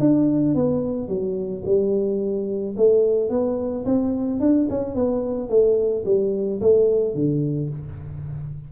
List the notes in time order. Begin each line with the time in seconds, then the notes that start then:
0.00 D4
0.55 B3
1.08 F#3
1.66 G3
2.77 A3
3.30 B3
3.85 C4
4.40 D4
4.70 C#4
4.95 B3
5.50 A3
6.06 G3
6.61 A3
7.15 D3